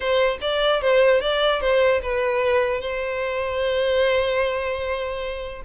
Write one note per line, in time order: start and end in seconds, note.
0.00 0.37 C5
0.41 0.81 D5
0.81 1.20 C5
1.20 1.60 D5
1.60 2.01 C5
2.02 2.80 B4
2.80 5.62 C5